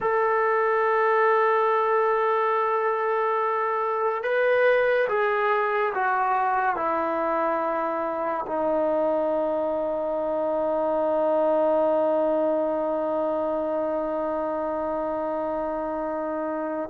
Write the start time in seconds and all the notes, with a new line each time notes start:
0.00 A4
4.23 B4
5.08 G#4
5.94 F#4
6.76 E4
8.46 D#4